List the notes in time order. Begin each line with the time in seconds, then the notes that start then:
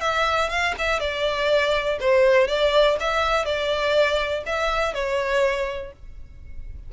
0.00 E5
0.49 F5
0.78 E5
1.00 D5
2.00 C5
2.47 D5
3.00 E5
3.45 D5
4.46 E5
4.93 C#5